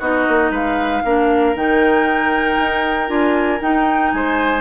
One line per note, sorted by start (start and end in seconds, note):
0.00 0.26 B3
0.00 1.04 D#4
0.00 0.51 F#4
0.00 0.52 D#5
0.29 0.51 A#3
0.51 1.02 G#3
0.51 1.03 B4
0.51 1.57 F5
1.05 1.55 A#3
1.05 1.56 D4
1.05 4.13 A#4
1.55 2.58 D#3
1.55 3.08 D#4
1.55 3.10 G5
2.59 3.09 D#4
3.08 3.61 D4
3.08 3.59 F4
3.08 3.61 G#5
3.61 4.13 D#4
3.61 4.61 D#4
3.61 4.12 G5
4.12 4.61 G#3
4.12 4.61 C5
4.12 4.61 G#5